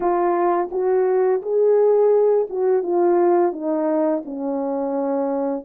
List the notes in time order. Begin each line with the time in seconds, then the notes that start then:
0.00 F4
0.71 F#4
1.41 G#4
2.49 F#4
2.82 F4
3.52 D#4
4.25 C#4